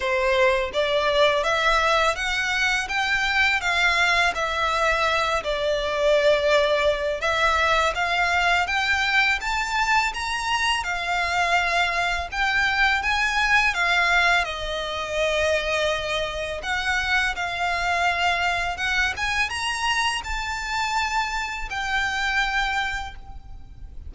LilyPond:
\new Staff \with { instrumentName = "violin" } { \time 4/4 \tempo 4 = 83 c''4 d''4 e''4 fis''4 | g''4 f''4 e''4. d''8~ | d''2 e''4 f''4 | g''4 a''4 ais''4 f''4~ |
f''4 g''4 gis''4 f''4 | dis''2. fis''4 | f''2 fis''8 gis''8 ais''4 | a''2 g''2 | }